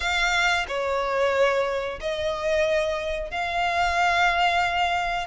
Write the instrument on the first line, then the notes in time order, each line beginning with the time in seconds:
violin
0.00 F5
0.67 C#5
2.00 D#5
3.30 F5